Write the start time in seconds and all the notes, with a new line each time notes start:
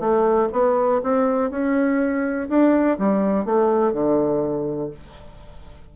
0.00 A3
0.53 B3
1.04 C4
1.51 C#4
2.49 D4
2.99 G3
3.45 A3
3.93 D3